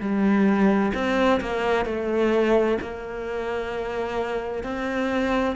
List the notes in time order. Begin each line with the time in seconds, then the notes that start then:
0.00 G3
0.94 C4
1.41 A#3
1.85 A3
2.82 A#3
4.64 C4